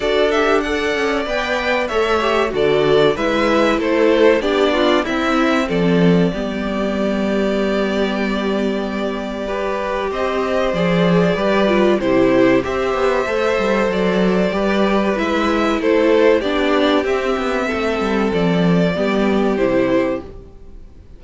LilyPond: <<
  \new Staff \with { instrumentName = "violin" } { \time 4/4 \tempo 4 = 95 d''8 e''8 fis''4 g''4 e''4 | d''4 e''4 c''4 d''4 | e''4 d''2.~ | d''1 |
dis''4 d''2 c''4 | e''2 d''2 | e''4 c''4 d''4 e''4~ | e''4 d''2 c''4 | }
  \new Staff \with { instrumentName = "violin" } { \time 4/4 a'4 d''2 cis''4 | a'4 b'4 a'4 g'8 f'8 | e'4 a'4 g'2~ | g'2. b'4 |
c''2 b'4 g'4 | c''2. b'4~ | b'4 a'4 g'2 | a'2 g'2 | }
  \new Staff \with { instrumentName = "viola" } { \time 4/4 fis'8 g'8 a'4 b'4 a'8 g'8 | fis'4 e'2 d'4 | c'2 b2~ | b2. g'4~ |
g'4 gis'4 g'8 f'8 e'4 | g'4 a'2 g'4 | e'2 d'4 c'4~ | c'2 b4 e'4 | }
  \new Staff \with { instrumentName = "cello" } { \time 4/4 d'4. cis'8 b4 a4 | d4 gis4 a4 b4 | c'4 f4 g2~ | g1 |
c'4 f4 g4 c4 | c'8 b8 a8 g8 fis4 g4 | gis4 a4 b4 c'8 b8 | a8 g8 f4 g4 c4 | }
>>